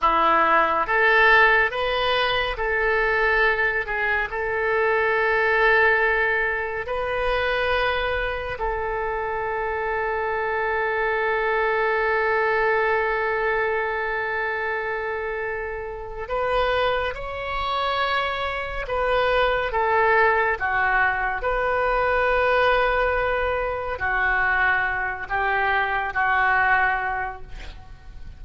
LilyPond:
\new Staff \with { instrumentName = "oboe" } { \time 4/4 \tempo 4 = 70 e'4 a'4 b'4 a'4~ | a'8 gis'8 a'2. | b'2 a'2~ | a'1~ |
a'2. b'4 | cis''2 b'4 a'4 | fis'4 b'2. | fis'4. g'4 fis'4. | }